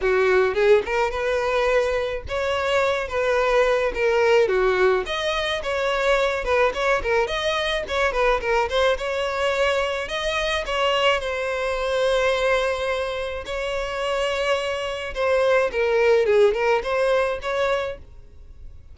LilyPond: \new Staff \with { instrumentName = "violin" } { \time 4/4 \tempo 4 = 107 fis'4 gis'8 ais'8 b'2 | cis''4. b'4. ais'4 | fis'4 dis''4 cis''4. b'8 | cis''8 ais'8 dis''4 cis''8 b'8 ais'8 c''8 |
cis''2 dis''4 cis''4 | c''1 | cis''2. c''4 | ais'4 gis'8 ais'8 c''4 cis''4 | }